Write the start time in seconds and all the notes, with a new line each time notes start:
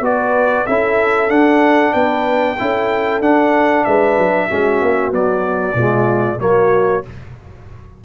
0.00 B3 F#4 B4 D5
0.66 C#4 E4 A4 E5
1.28 D4 F#5
1.93 B3 B4 G5
2.59 C#4 E4 A4
3.20 D4 F#5
3.84 G#3 B4 E5
4.18 F#3
4.47 G#3 C#4 F#4
4.81 A#3
5.11 F#3 B3 D5
5.74 B2 G#3 F4
6.39 F#3 A#3 F#4 C#5